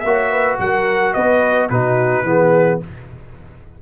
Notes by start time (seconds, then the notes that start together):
0.00 A#3 F#4 C#5 E5
0.31 B4
0.59 F#3 A#4 F#5
1.13 B3 B4 D#5
1.69 B2 D#4 F#4 B4
2.23 E3 B3 G#4